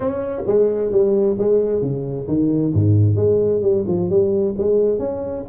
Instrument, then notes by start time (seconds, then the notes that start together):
tuba
0.00 C#4
0.46 G#3
0.91 G3
1.38 G#3
1.81 C#3
2.27 D#3
2.73 G#2
3.16 G#3
3.61 G3
3.87 F3
4.09 G3
4.57 G#3
4.99 C#4